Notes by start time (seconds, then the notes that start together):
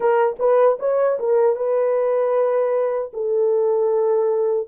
0.00 A#4
0.39 B4
0.79 C#5
1.19 A#4
1.55 B4
3.13 A4